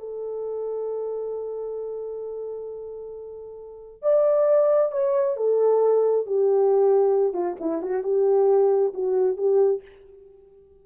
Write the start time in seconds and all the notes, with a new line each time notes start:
0.00 A4
4.03 D5
4.92 C#5
5.37 A4
6.26 G4
7.34 F4
7.61 E4
7.83 F#4
8.04 G4
8.94 F#4
9.37 G4